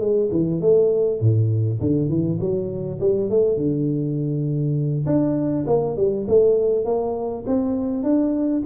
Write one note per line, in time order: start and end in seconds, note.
0.00 0.30 G#3
0.32 0.61 E3
0.61 1.21 A3
1.21 1.80 A2
1.81 2.09 D3
2.09 2.39 E3
2.40 3.00 F#3
3.01 3.30 G3
3.30 3.57 A3
3.57 5.06 D3
5.06 5.66 D4
5.67 5.97 A#3
5.97 6.26 G3
6.28 6.85 A3
6.85 7.45 A#3
7.47 8.04 C4
8.04 8.63 D4